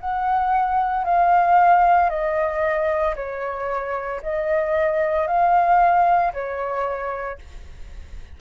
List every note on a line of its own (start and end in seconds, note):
0.00 1.05 F#5
1.05 2.10 F5
2.10 3.15 D#5
3.16 4.21 C#5
4.22 5.27 D#5
5.27 6.33 F5
6.33 7.38 C#5